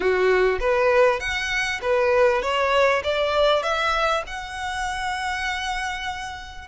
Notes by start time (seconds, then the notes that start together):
0.00 F#4
0.60 B4
1.20 F#5
1.81 B4
2.41 C#5
3.03 D5
3.62 E5
4.26 F#5